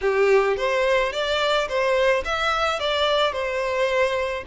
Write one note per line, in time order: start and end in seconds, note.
0.01 0.56 G4
0.57 1.12 C5
1.12 1.68 D5
1.68 2.23 C5
2.24 2.79 E5
2.79 3.32 D5
3.32 4.43 C5